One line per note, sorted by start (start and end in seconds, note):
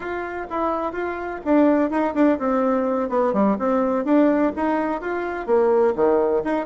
0.00 0.47 F4
0.49 0.92 E4
0.92 1.40 F4
1.44 1.90 D4
1.90 2.14 D#4
2.14 2.38 D4
2.38 3.09 C4
3.09 3.33 B3
3.33 3.56 G3
3.58 4.05 C4
4.05 4.52 D4
4.56 5.01 D#4
5.01 5.46 F4
5.46 5.94 A#3
5.95 6.43 D#3
6.44 6.65 D#4